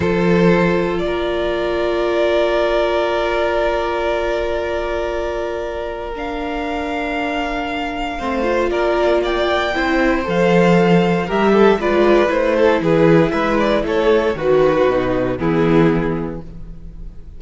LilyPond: <<
  \new Staff \with { instrumentName = "violin" } { \time 4/4 \tempo 4 = 117 c''2 d''2~ | d''1~ | d''1 | f''1~ |
f''4 d''4 g''2 | f''2 e''4 d''4 | c''4 b'4 e''8 d''8 cis''4 | b'2 gis'2 | }
  \new Staff \with { instrumentName = "violin" } { \time 4/4 a'2 ais'2~ | ais'1~ | ais'1~ | ais'1 |
c''4 ais'4 d''4 c''4~ | c''2 ais'8 a'8 b'4~ | b'8 a'8 gis'4 b'4 a'4 | fis'2 e'2 | }
  \new Staff \with { instrumentName = "viola" } { \time 4/4 f'1~ | f'1~ | f'1 | d'1 |
c'8 f'2~ f'8 e'4 | a'2 g'4 f'4 | e'1 | fis'4 dis'4 b2 | }
  \new Staff \with { instrumentName = "cello" } { \time 4/4 f2 ais2~ | ais1~ | ais1~ | ais1 |
a4 ais2 c'4 | f2 g4 gis4 | a4 e4 gis4 a4 | dis4 b,4 e2 | }
>>